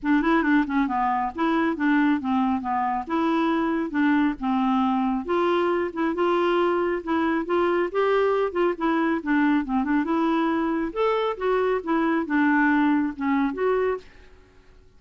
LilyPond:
\new Staff \with { instrumentName = "clarinet" } { \time 4/4 \tempo 4 = 137 d'8 e'8 d'8 cis'8 b4 e'4 | d'4 c'4 b4 e'4~ | e'4 d'4 c'2 | f'4. e'8 f'2 |
e'4 f'4 g'4. f'8 | e'4 d'4 c'8 d'8 e'4~ | e'4 a'4 fis'4 e'4 | d'2 cis'4 fis'4 | }